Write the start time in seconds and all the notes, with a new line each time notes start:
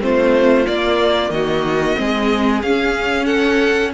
0.00 A3 C4 F4 C5
0.66 A#3 D5
1.30 D#3 F#4 D#5
1.96 G#3 C4 G#4
2.62 C#4 F5
3.25 A4 F#5